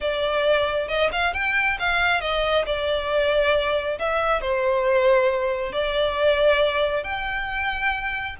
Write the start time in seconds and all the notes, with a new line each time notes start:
0.00 D5
0.87 D#5
1.12 F5
1.33 G5
1.79 F5
2.21 D#5
2.66 D5
3.98 E5
4.41 C5
5.72 D5
7.03 G5